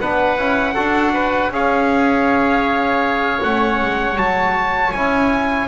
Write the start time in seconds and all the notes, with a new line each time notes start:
0.00 B3 D4 B4 F#5
0.37 C#4 E4
0.74 D4 F#4 A4
1.13 B4
1.50 C#4 G#4 C#5 F5
3.41 A3 C#4 F#5
3.81 G#3
4.16 F#3 F#4 A5
4.92 C#4 E4 G#5